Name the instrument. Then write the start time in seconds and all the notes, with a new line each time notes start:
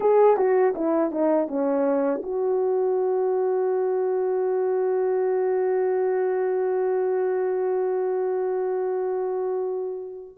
horn
0.00 G#4
0.37 F#4
0.75 E4
1.11 D#4
1.47 C#4
2.23 F#4